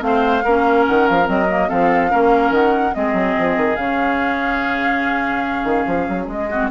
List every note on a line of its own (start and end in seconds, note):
0.00 0.43 A3
0.00 0.42 C4
0.00 0.86 F5
0.07 0.44 C5
0.44 0.87 A#3
0.44 1.26 C#4
0.44 1.69 A#4
0.87 1.10 D#3
0.87 1.08 F#5
1.08 1.28 F3
1.08 1.28 F5
1.26 1.70 F#3
1.26 1.46 C4
1.26 1.70 D#5
1.49 1.69 A#3
1.69 2.13 F3
1.69 2.10 C4
1.69 2.11 A4
1.69 2.53 F5
2.10 2.50 A#3
2.10 2.93 C#4
2.10 2.94 A#4
2.50 2.92 D#3
2.50 2.94 F#5
2.94 3.13 G#3
2.94 3.77 C4
2.94 6.50 G#4
2.94 3.76 D#5
3.13 3.34 F#3
3.39 3.57 F3
3.57 3.77 D#3
3.76 5.64 C#3
3.76 6.49 C#4
3.76 6.26 F5
5.64 5.85 D#3
5.87 6.08 F3
6.09 6.27 F#3
6.27 6.69 G#3
6.27 6.70 D#5
6.50 6.71 C4
6.50 6.71 F#4